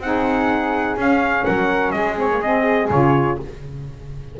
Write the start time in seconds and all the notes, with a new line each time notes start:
0.00 C4 D#4 F#5
0.06 G#4
0.96 C#4 F5
1.45 F#3 A#4 F#5
1.91 G#3 G#4 D#5
2.17 C4 C#5
2.30 A#3
2.42 C4 D#5
2.90 C#3 F4 C#5